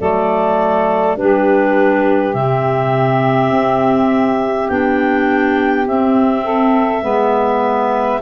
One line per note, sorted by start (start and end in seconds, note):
0.00 1.17 F#3
0.00 1.17 A3
0.00 1.18 A4
0.00 1.18 D5
1.17 2.34 G3
1.17 2.33 D4
1.17 6.44 G4
1.17 2.34 B4
2.33 3.50 C3
2.33 4.68 C4
2.33 4.69 E5
3.50 4.68 C4
4.69 5.87 B3
4.69 5.87 D4
4.69 5.87 G5
5.87 7.03 C4
5.87 8.22 E5
6.44 7.03 A4
7.03 8.21 G#3
7.03 8.21 B3
7.03 8.21 B4